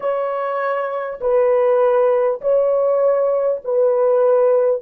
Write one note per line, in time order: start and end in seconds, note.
0.00 1.19 C#5
1.21 2.41 B4
2.41 3.61 C#5
3.64 4.81 B4